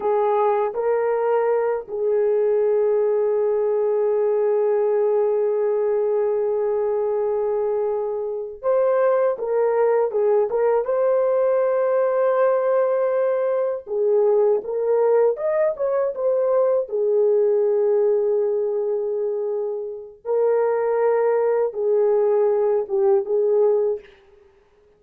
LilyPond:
\new Staff \with { instrumentName = "horn" } { \time 4/4 \tempo 4 = 80 gis'4 ais'4. gis'4.~ | gis'1~ | gis'2.~ gis'8 c''8~ | c''8 ais'4 gis'8 ais'8 c''4.~ |
c''2~ c''8 gis'4 ais'8~ | ais'8 dis''8 cis''8 c''4 gis'4.~ | gis'2. ais'4~ | ais'4 gis'4. g'8 gis'4 | }